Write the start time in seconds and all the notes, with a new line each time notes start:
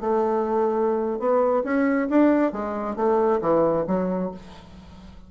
0.00 A3
1.19 B3
1.63 C#4
2.09 D4
2.52 G#3
2.95 A3
3.41 E3
3.87 F#3